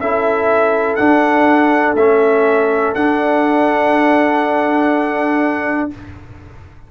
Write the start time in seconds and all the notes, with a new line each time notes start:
0.00 C#4 E4 A4 E5
0.96 D4 F#5
1.95 A3 C#4 E5
2.94 D4 F#5